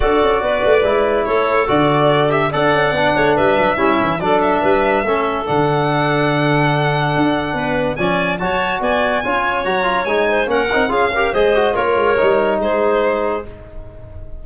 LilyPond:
<<
  \new Staff \with { instrumentName = "violin" } { \time 4/4 \tempo 4 = 143 d''2. cis''4 | d''4. e''8 fis''2 | e''2 d''8 e''4.~ | e''4 fis''2.~ |
fis''2. gis''4 | a''4 gis''2 ais''4 | gis''4 fis''4 f''4 dis''4 | cis''2 c''2 | }
  \new Staff \with { instrumentName = "clarinet" } { \time 4/4 a'4 b'2 a'4~ | a'2 d''4. cis''8 | b'4 e'4 a'4 b'4 | a'1~ |
a'2 b'4 d''4 | cis''4 d''4 cis''2~ | cis''8 c''8 ais'4 gis'8 ais'8 c''4 | ais'2 gis'2 | }
  \new Staff \with { instrumentName = "trombone" } { \time 4/4 fis'2 e'2 | fis'4. g'8 a'4 d'4~ | d'4 cis'4 d'2 | cis'4 d'2.~ |
d'2. cis'4 | fis'2 f'4 fis'8 f'8 | dis'4 cis'8 dis'8 f'8 g'8 gis'8 fis'8 | f'4 dis'2. | }
  \new Staff \with { instrumentName = "tuba" } { \time 4/4 d'8 cis'8 b8 a8 gis4 a4 | d2 d'8 cis'8 b8 a8 | g8 fis8 g8 e8 fis4 g4 | a4 d2.~ |
d4 d'4 b4 f4 | fis4 b4 cis'4 fis4 | gis4 ais8 c'8 cis'4 gis4 | ais8 gis8 g4 gis2 | }
>>